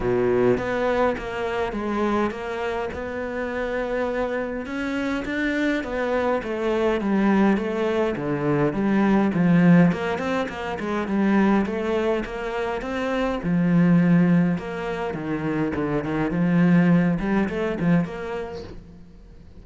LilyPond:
\new Staff \with { instrumentName = "cello" } { \time 4/4 \tempo 4 = 103 b,4 b4 ais4 gis4 | ais4 b2. | cis'4 d'4 b4 a4 | g4 a4 d4 g4 |
f4 ais8 c'8 ais8 gis8 g4 | a4 ais4 c'4 f4~ | f4 ais4 dis4 d8 dis8 | f4. g8 a8 f8 ais4 | }